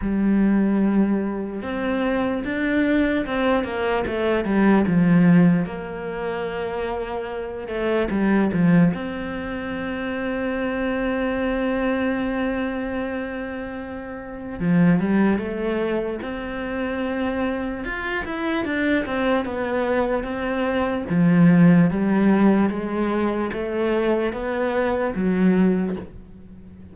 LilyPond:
\new Staff \with { instrumentName = "cello" } { \time 4/4 \tempo 4 = 74 g2 c'4 d'4 | c'8 ais8 a8 g8 f4 ais4~ | ais4. a8 g8 f8 c'4~ | c'1~ |
c'2 f8 g8 a4 | c'2 f'8 e'8 d'8 c'8 | b4 c'4 f4 g4 | gis4 a4 b4 fis4 | }